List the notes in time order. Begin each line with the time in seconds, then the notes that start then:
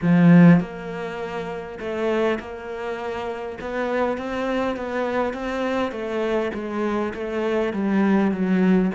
0.01 F3
0.60 A#3
1.79 A3
2.39 A#3
3.60 B3
4.17 C4
4.76 B3
5.33 C4
5.91 A3
6.53 G#3
7.14 A3
7.73 G3
8.31 F#3